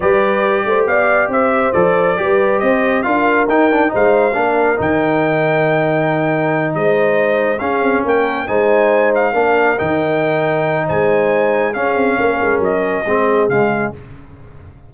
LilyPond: <<
  \new Staff \with { instrumentName = "trumpet" } { \time 4/4 \tempo 4 = 138 d''2 f''4 e''4 | d''2 dis''4 f''4 | g''4 f''2 g''4~ | g''2.~ g''8 dis''8~ |
dis''4. f''4 g''4 gis''8~ | gis''4 f''4. g''4.~ | g''4 gis''2 f''4~ | f''4 dis''2 f''4 | }
  \new Staff \with { instrumentName = "horn" } { \time 4/4 b'4. c''8 d''4 c''4~ | c''4 b'4 c''4 ais'4~ | ais'4 c''4 ais'2~ | ais'2.~ ais'8 c''8~ |
c''4. gis'4 ais'4 c''8~ | c''4. ais'2~ ais'8~ | ais'4 c''2 gis'4 | ais'2 gis'2 | }
  \new Staff \with { instrumentName = "trombone" } { \time 4/4 g'1 | a'4 g'2 f'4 | dis'8 d'8 dis'4 d'4 dis'4~ | dis'1~ |
dis'4. cis'2 dis'8~ | dis'4. d'4 dis'4.~ | dis'2. cis'4~ | cis'2 c'4 gis4 | }
  \new Staff \with { instrumentName = "tuba" } { \time 4/4 g4. a8 b4 c'4 | f4 g4 c'4 d'4 | dis'4 gis4 ais4 dis4~ | dis2.~ dis8 gis8~ |
gis4. cis'8 c'8 ais4 gis8~ | gis4. ais4 dis4.~ | dis4 gis2 cis'8 c'8 | ais8 gis8 fis4 gis4 cis4 | }
>>